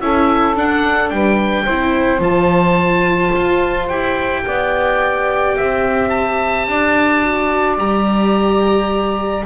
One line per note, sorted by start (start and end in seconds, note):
0.00 0.56 C#4
0.00 0.56 E4
0.00 1.13 A4
0.00 0.56 E5
0.56 1.67 D4
0.56 1.11 D4
0.56 1.10 F#5
1.10 1.66 G3
1.10 1.64 B4
1.10 2.21 G5
1.64 2.20 C4
1.64 2.21 E4
1.64 4.42 C5
2.20 3.31 F3
2.20 3.87 F4
2.20 3.88 A5
3.35 3.90 F4
3.88 4.45 E4
3.88 7.22 G4
3.88 6.09 G5
4.46 5.57 B3
4.46 5.56 D5
5.56 6.67 C4
5.56 6.67 E5
6.09 7.76 A5
6.67 7.78 D4
6.67 9.46 D5
7.22 7.78 F#4
7.78 9.44 G3
7.78 9.44 G4
7.78 9.46 A#5